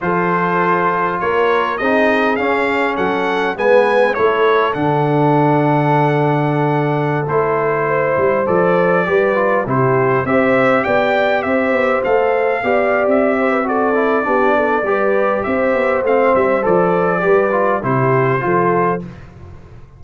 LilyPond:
<<
  \new Staff \with { instrumentName = "trumpet" } { \time 4/4 \tempo 4 = 101 c''2 cis''4 dis''4 | f''4 fis''4 gis''4 cis''4 | fis''1~ | fis''16 c''2 d''4.~ d''16~ |
d''16 c''4 e''4 g''4 e''8.~ | e''16 f''4.~ f''16 e''4 d''4~ | d''2 e''4 f''8 e''8 | d''2 c''2 | }
  \new Staff \with { instrumentName = "horn" } { \time 4/4 a'2 ais'4 gis'4~ | gis'4 a'4 b'4 a'4~ | a'1~ | a'4~ a'16 c''2 b'8.~ |
b'16 g'4 c''4 d''4 c''8.~ | c''4~ c''16 d''4~ d''16 c''16 b'16 a'4 | g'8 a'8 b'4 c''2~ | c''4 b'4 g'4 a'4 | }
  \new Staff \with { instrumentName = "trombone" } { \time 4/4 f'2. dis'4 | cis'2 b4 e'4 | d'1~ | d'16 e'2 a'4 g'8 f'16~ |
f'16 e'4 g'2~ g'8.~ | g'16 a'4 g'4.~ g'16 fis'8 e'8 | d'4 g'2 c'4 | a'4 g'8 f'8 e'4 f'4 | }
  \new Staff \with { instrumentName = "tuba" } { \time 4/4 f2 ais4 c'4 | cis'4 fis4 gis4 a4 | d1~ | d16 a4. g8 f4 g8.~ |
g16 c4 c'4 b4 c'8 b16~ | b16 a4 b8. c'2 | b4 g4 c'8 b8 a8 g8 | f4 g4 c4 f4 | }
>>